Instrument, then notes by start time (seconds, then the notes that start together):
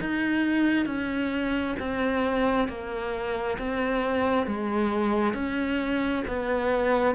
cello
0.00 D#4
0.85 C#4
1.79 C4
2.68 A#3
3.58 C4
4.46 G#3
5.34 C#4
6.27 B3